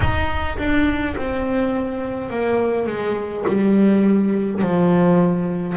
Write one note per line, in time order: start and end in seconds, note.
0.00 0.57 D#4
0.58 1.15 D4
1.16 2.30 C4
2.30 2.86 A#3
2.86 3.44 G#3
3.47 4.61 G3
4.61 5.76 F3